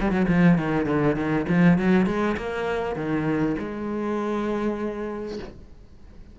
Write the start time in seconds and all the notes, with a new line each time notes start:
0.00 G3
0.11 F#3
0.28 F3
0.58 D#3
0.86 D3
1.16 D#3
1.48 F3
1.78 F#3
2.06 G#3
2.37 A#3
2.96 D#3
3.59 G#3